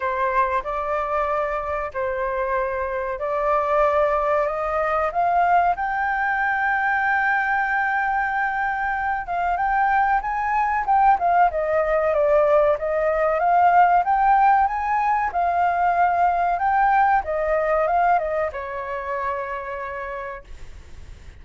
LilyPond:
\new Staff \with { instrumentName = "flute" } { \time 4/4 \tempo 4 = 94 c''4 d''2 c''4~ | c''4 d''2 dis''4 | f''4 g''2.~ | g''2~ g''8 f''8 g''4 |
gis''4 g''8 f''8 dis''4 d''4 | dis''4 f''4 g''4 gis''4 | f''2 g''4 dis''4 | f''8 dis''8 cis''2. | }